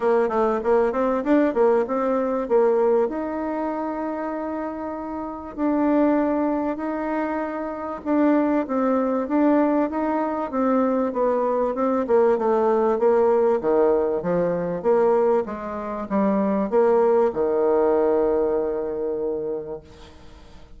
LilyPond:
\new Staff \with { instrumentName = "bassoon" } { \time 4/4 \tempo 4 = 97 ais8 a8 ais8 c'8 d'8 ais8 c'4 | ais4 dis'2.~ | dis'4 d'2 dis'4~ | dis'4 d'4 c'4 d'4 |
dis'4 c'4 b4 c'8 ais8 | a4 ais4 dis4 f4 | ais4 gis4 g4 ais4 | dis1 | }